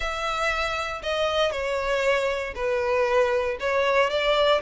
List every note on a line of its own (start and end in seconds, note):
0.00 1.02 E5
1.03 1.51 D#5
1.51 2.54 C#5
2.55 3.57 B4
3.59 4.09 C#5
4.09 4.61 D5